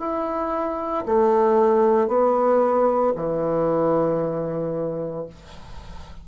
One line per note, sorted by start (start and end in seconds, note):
0.00 1.05 E4
1.06 2.08 A3
2.08 3.13 B3
3.16 5.27 E3